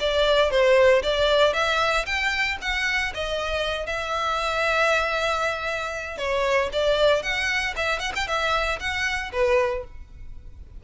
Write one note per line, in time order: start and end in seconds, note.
0.00 0.51 D5
0.51 1.02 C5
1.03 1.54 D5
1.54 2.05 E5
2.06 2.58 G5
2.61 3.13 F#5
3.14 3.87 D#5
3.87 6.18 E5
6.18 6.70 C#5
6.73 7.23 D5
7.23 7.74 F#5
7.77 8.00 E5
8.00 8.13 F#5
8.16 8.28 G5
8.28 8.79 E5
8.80 9.32 F#5
9.32 9.84 B4